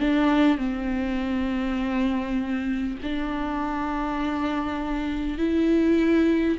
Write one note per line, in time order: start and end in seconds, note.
0.00 0.58 D4
0.58 2.98 C4
3.03 5.38 D4
5.38 6.58 E4